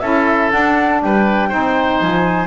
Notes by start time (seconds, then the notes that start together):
0.00 C#4 E4 A4 E5
0.51 D4 F#5
1.03 G3 B4 G5
1.49 C4 D#4 C5
2.01 F3 G#5